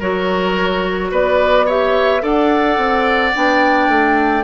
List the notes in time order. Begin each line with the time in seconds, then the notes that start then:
0.00 F#3 F#4 A#4 C#5
1.12 B3 B4 D5
1.66 G4 C#5 E5
2.21 D4 A4 D5 F#5
2.78 C4
3.35 B3 D4 G5
3.88 A3